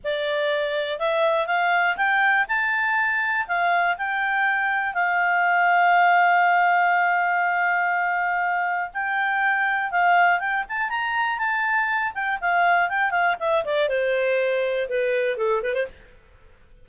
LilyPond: \new Staff \with { instrumentName = "clarinet" } { \time 4/4 \tempo 4 = 121 d''2 e''4 f''4 | g''4 a''2 f''4 | g''2 f''2~ | f''1~ |
f''2 g''2 | f''4 g''8 a''8 ais''4 a''4~ | a''8 g''8 f''4 g''8 f''8 e''8 d''8 | c''2 b'4 a'8 b'16 c''16 | }